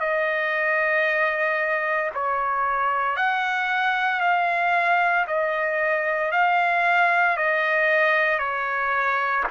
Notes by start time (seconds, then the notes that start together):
0.00 D#5
2.14 C#5
3.17 F#5
4.21 F5
5.27 D#5
6.32 F5
7.37 D#5
8.39 C#5